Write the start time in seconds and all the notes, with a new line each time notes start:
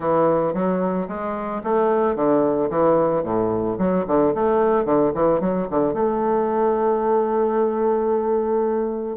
0.00 E3
0.53 F#3
1.08 G#3
1.63 A3
2.15 D3
2.70 E3
3.23 A2
3.78 F#3
4.07 D3
4.34 A3
4.85 D3
5.14 E3
5.40 F#3
5.70 D3
5.93 A3